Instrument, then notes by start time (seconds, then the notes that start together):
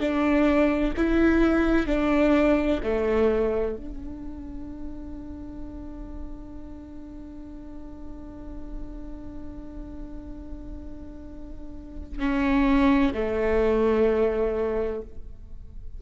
viola
0.00 D4
0.97 E4
1.87 D4
2.83 A3
3.77 D4
12.20 C#4
13.14 A3